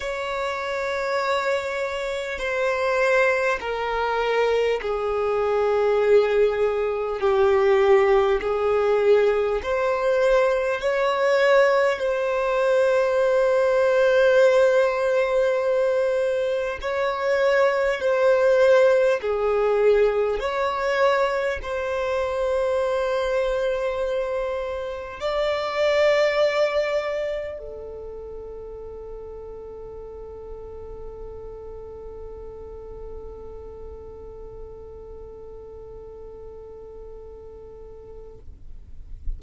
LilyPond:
\new Staff \with { instrumentName = "violin" } { \time 4/4 \tempo 4 = 50 cis''2 c''4 ais'4 | gis'2 g'4 gis'4 | c''4 cis''4 c''2~ | c''2 cis''4 c''4 |
gis'4 cis''4 c''2~ | c''4 d''2 a'4~ | a'1~ | a'1 | }